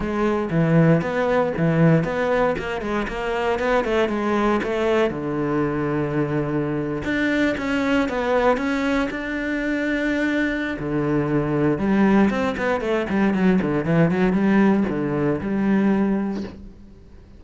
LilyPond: \new Staff \with { instrumentName = "cello" } { \time 4/4 \tempo 4 = 117 gis4 e4 b4 e4 | b4 ais8 gis8 ais4 b8 a8 | gis4 a4 d2~ | d4.~ d16 d'4 cis'4 b16~ |
b8. cis'4 d'2~ d'16~ | d'4 d2 g4 | c'8 b8 a8 g8 fis8 d8 e8 fis8 | g4 d4 g2 | }